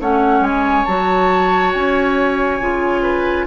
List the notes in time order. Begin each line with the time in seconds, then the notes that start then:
0.00 A3 C#4 C#5 F#5
0.40 G#3 G#5
0.85 F#3 F#4 A5
1.73 C#4 G#5
2.60 C#3 F4
3.02 B4